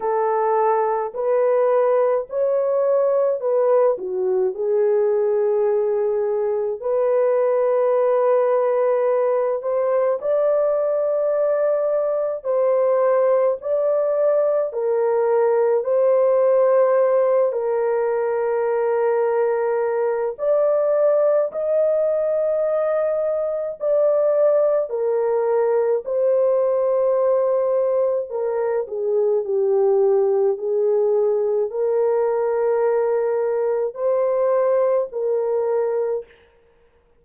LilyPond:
\new Staff \with { instrumentName = "horn" } { \time 4/4 \tempo 4 = 53 a'4 b'4 cis''4 b'8 fis'8 | gis'2 b'2~ | b'8 c''8 d''2 c''4 | d''4 ais'4 c''4. ais'8~ |
ais'2 d''4 dis''4~ | dis''4 d''4 ais'4 c''4~ | c''4 ais'8 gis'8 g'4 gis'4 | ais'2 c''4 ais'4 | }